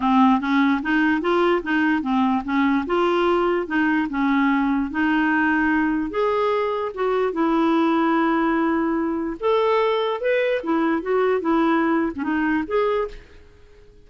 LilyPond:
\new Staff \with { instrumentName = "clarinet" } { \time 4/4 \tempo 4 = 147 c'4 cis'4 dis'4 f'4 | dis'4 c'4 cis'4 f'4~ | f'4 dis'4 cis'2 | dis'2. gis'4~ |
gis'4 fis'4 e'2~ | e'2. a'4~ | a'4 b'4 e'4 fis'4 | e'4.~ e'16 cis'16 dis'4 gis'4 | }